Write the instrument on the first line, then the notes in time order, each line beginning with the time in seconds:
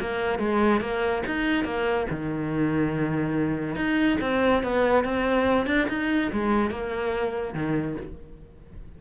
cello
0.00 A#3
0.38 G#3
0.80 A#3
1.26 D#4
1.64 A#3
2.10 D#3
3.75 D#4
4.21 C4
4.63 B3
5.04 C4
5.66 D4
5.89 D#4
6.32 G#3
6.70 A#3
7.54 D#3